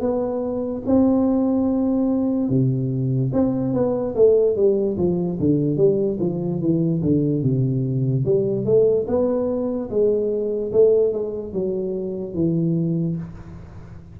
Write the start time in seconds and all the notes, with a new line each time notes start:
0.00 B3
0.86 C4
2.49 C3
3.33 C4
3.73 B3
4.15 A3
4.56 G3
4.97 F3
5.39 D3
5.76 G3
6.20 F3
6.61 E3
7.02 D3
7.42 C3
8.25 G3
8.65 A3
9.07 B3
9.90 G#3
10.72 A3
11.13 G#3
11.53 F#3
12.34 E3